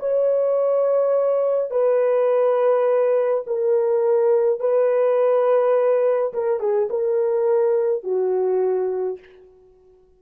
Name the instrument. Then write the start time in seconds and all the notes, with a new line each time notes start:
horn
0.00 C#5
1.71 B4
3.47 A#4
4.60 B4
6.34 A#4
6.60 G#4
6.90 A#4
8.03 F#4